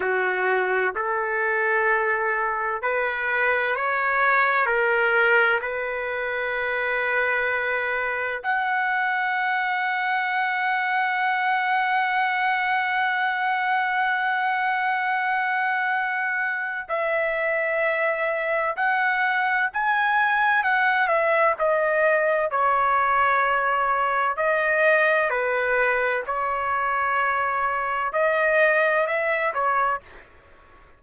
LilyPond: \new Staff \with { instrumentName = "trumpet" } { \time 4/4 \tempo 4 = 64 fis'4 a'2 b'4 | cis''4 ais'4 b'2~ | b'4 fis''2.~ | fis''1~ |
fis''2 e''2 | fis''4 gis''4 fis''8 e''8 dis''4 | cis''2 dis''4 b'4 | cis''2 dis''4 e''8 cis''8 | }